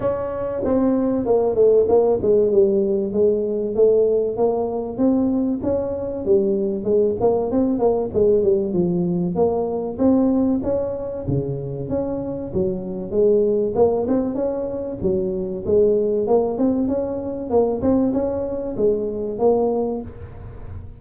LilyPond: \new Staff \with { instrumentName = "tuba" } { \time 4/4 \tempo 4 = 96 cis'4 c'4 ais8 a8 ais8 gis8 | g4 gis4 a4 ais4 | c'4 cis'4 g4 gis8 ais8 | c'8 ais8 gis8 g8 f4 ais4 |
c'4 cis'4 cis4 cis'4 | fis4 gis4 ais8 c'8 cis'4 | fis4 gis4 ais8 c'8 cis'4 | ais8 c'8 cis'4 gis4 ais4 | }